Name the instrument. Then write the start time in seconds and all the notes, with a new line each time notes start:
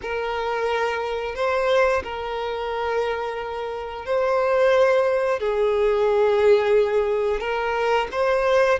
violin
0.02 A#4
1.35 C5
2.03 A#4
4.05 C5
5.39 G#4
7.40 A#4
8.11 C5